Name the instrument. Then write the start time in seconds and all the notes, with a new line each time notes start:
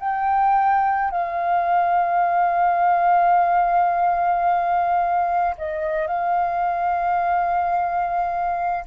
flute
0.00 G5
1.11 F5
5.58 D#5
6.07 F5